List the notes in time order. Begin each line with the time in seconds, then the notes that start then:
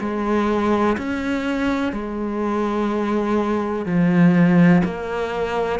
0.00 G#3
0.98 C#4
1.92 G#3
3.86 F3
4.84 A#3